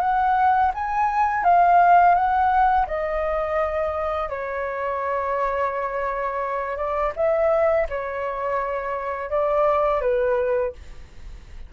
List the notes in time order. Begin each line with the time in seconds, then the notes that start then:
0.00 F#5
0.74 G#5
1.44 F5
2.15 F#5
2.87 D#5
4.29 C#5
6.77 D5
7.16 E5
7.89 C#5
9.30 D5
10.01 B4